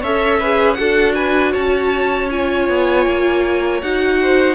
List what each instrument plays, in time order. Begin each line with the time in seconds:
0.00 cello C#4, viola A4, violin C#5 E5
0.39 viola G#4, violin B4
0.74 cello D4, viola F#4, violin A4 F#5
1.14 violin B4 G#5
1.52 cello C#4, violin C#5 A5
2.30 viola F4, violin G#5
2.69 cello B3
3.06 cello A#3
3.81 cello D#4, viola F#4, violin F#5
4.22 violin C5